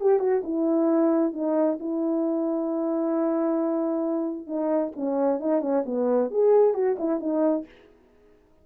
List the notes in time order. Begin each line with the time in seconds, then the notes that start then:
0.00 G4
0.19 F#4
0.43 E4
1.33 D#4
1.79 E4
4.46 D#4
4.96 C#4
5.40 D#4
5.61 C#4
5.85 B3
6.31 G#4
6.74 F#4
6.99 E4
7.20 D#4